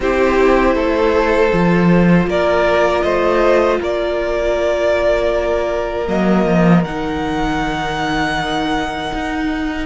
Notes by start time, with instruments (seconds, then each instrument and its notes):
0.00 cello C4, viola E4, violin G4 C5
0.75 cello A3, violin A4
1.50 cello F3, viola F4
2.27 cello A#3, violin A#4 D5
3.01 cello A3, violin C5 D#5
3.80 cello A#3, violin A#4 D5
6.07 cello F#3, viola A#3, violin D#5
6.45 cello F3
6.83 cello D#3, viola D#4, violin F#5
9.13 cello D#4